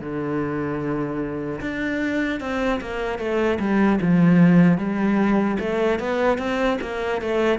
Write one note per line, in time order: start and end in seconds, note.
0.00 1.60 D3
1.60 2.40 D4
2.40 2.80 C4
2.81 3.19 A#3
3.19 3.59 A3
3.59 3.99 G3
4.01 4.78 F3
4.78 5.58 G3
5.59 5.99 A3
5.99 6.38 B3
6.38 6.78 C4
6.81 7.21 A#3
7.21 7.59 A3